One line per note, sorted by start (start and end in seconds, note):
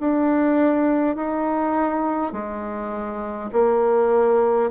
0.00 1.16 D4
1.16 2.33 D#4
2.33 3.50 G#3
3.53 4.71 A#3